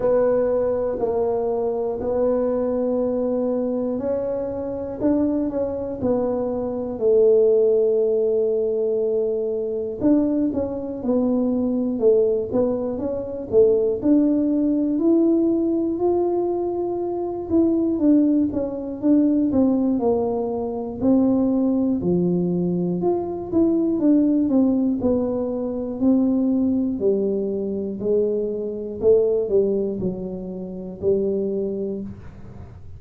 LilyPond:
\new Staff \with { instrumentName = "tuba" } { \time 4/4 \tempo 4 = 60 b4 ais4 b2 | cis'4 d'8 cis'8 b4 a4~ | a2 d'8 cis'8 b4 | a8 b8 cis'8 a8 d'4 e'4 |
f'4. e'8 d'8 cis'8 d'8 c'8 | ais4 c'4 f4 f'8 e'8 | d'8 c'8 b4 c'4 g4 | gis4 a8 g8 fis4 g4 | }